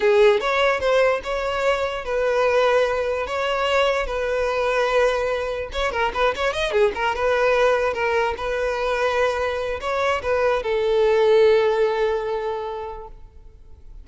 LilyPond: \new Staff \with { instrumentName = "violin" } { \time 4/4 \tempo 4 = 147 gis'4 cis''4 c''4 cis''4~ | cis''4 b'2. | cis''2 b'2~ | b'2 cis''8 ais'8 b'8 cis''8 |
dis''8 gis'8 ais'8 b'2 ais'8~ | ais'8 b'2.~ b'8 | cis''4 b'4 a'2~ | a'1 | }